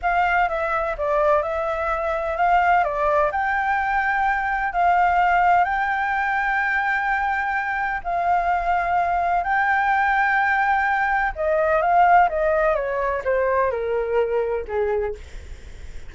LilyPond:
\new Staff \with { instrumentName = "flute" } { \time 4/4 \tempo 4 = 127 f''4 e''4 d''4 e''4~ | e''4 f''4 d''4 g''4~ | g''2 f''2 | g''1~ |
g''4 f''2. | g''1 | dis''4 f''4 dis''4 cis''4 | c''4 ais'2 gis'4 | }